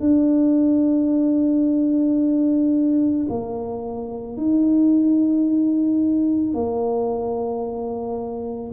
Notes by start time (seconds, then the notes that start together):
0.00 D4
3.29 A#3
4.37 D#4
6.54 A#3